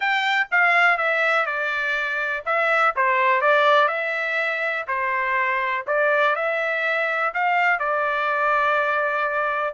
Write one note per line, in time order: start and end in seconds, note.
0.00 0.47 G5
0.51 0.97 F5
0.97 1.46 E5
1.46 2.43 D5
2.45 2.94 E5
2.95 3.41 C5
3.41 3.88 D5
3.88 4.85 E5
4.87 5.85 C5
5.86 6.35 D5
6.35 7.33 E5
7.34 7.79 F5
7.79 9.74 D5